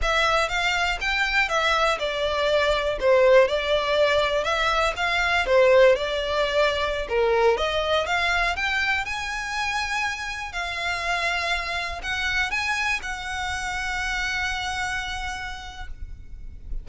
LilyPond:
\new Staff \with { instrumentName = "violin" } { \time 4/4 \tempo 4 = 121 e''4 f''4 g''4 e''4 | d''2 c''4 d''4~ | d''4 e''4 f''4 c''4 | d''2~ d''16 ais'4 dis''8.~ |
dis''16 f''4 g''4 gis''4.~ gis''16~ | gis''4~ gis''16 f''2~ f''8.~ | f''16 fis''4 gis''4 fis''4.~ fis''16~ | fis''1 | }